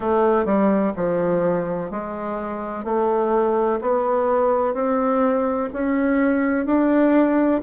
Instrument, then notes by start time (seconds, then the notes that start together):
bassoon
0.00 A3
0.45 G3
0.96 F3
1.90 G#3
2.84 A3
3.81 B3
4.74 C4
5.73 C#4
6.65 D4